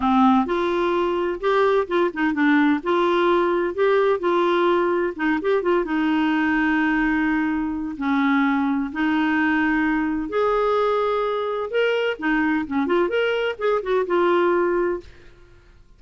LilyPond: \new Staff \with { instrumentName = "clarinet" } { \time 4/4 \tempo 4 = 128 c'4 f'2 g'4 | f'8 dis'8 d'4 f'2 | g'4 f'2 dis'8 g'8 | f'8 dis'2.~ dis'8~ |
dis'4 cis'2 dis'4~ | dis'2 gis'2~ | gis'4 ais'4 dis'4 cis'8 f'8 | ais'4 gis'8 fis'8 f'2 | }